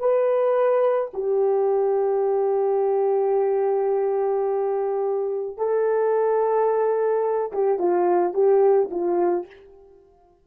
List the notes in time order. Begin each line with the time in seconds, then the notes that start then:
0.00 B4
1.14 G4
5.58 A4
7.53 G4
7.79 F4
8.34 G4
8.91 F4